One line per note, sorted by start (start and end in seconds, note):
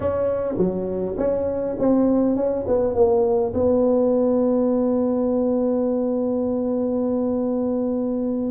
0.00 0.56 C#4
0.57 1.16 F#3
1.17 1.76 C#4
1.79 2.35 C4
2.35 2.65 C#4
2.67 2.94 B3
2.94 3.53 A#3
3.54 8.51 B3